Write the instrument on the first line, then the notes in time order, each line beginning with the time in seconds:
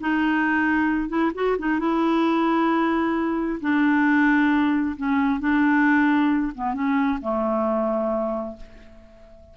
clarinet
0.00 D#4
1.09 E4
1.35 F#4
1.58 D#4
1.79 E4
3.60 D4
4.96 C#4
5.40 D4
6.55 B3
6.74 C#4
7.21 A3